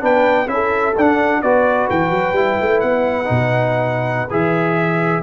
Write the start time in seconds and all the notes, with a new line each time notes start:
0.00 B3 D4 B4 G5
0.47 C#4 E4 E5
0.53 A4
0.96 D4 F#5
1.42 B3 F#4 B4 D5
1.90 E3 G5
2.10 F#3
2.32 G3 E4
2.61 A3
2.80 B3 F#5
3.25 B2 D#4
4.30 E3 G#4 E5